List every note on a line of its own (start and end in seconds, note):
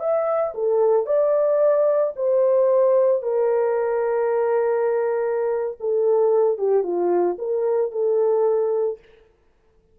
0.00 0.54 E5
0.55 1.06 A4
1.06 2.13 D5
2.16 3.23 C5
3.23 5.77 A#4
5.80 6.58 A4
6.58 6.84 G4
6.84 7.37 F4
7.39 7.92 A#4
7.92 8.99 A4